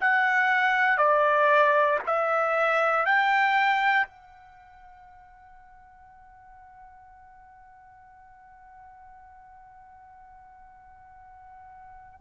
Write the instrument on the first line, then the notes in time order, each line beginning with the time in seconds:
trumpet
0.00 F#5
0.97 D5
2.06 E5
3.05 G5
4.06 F#5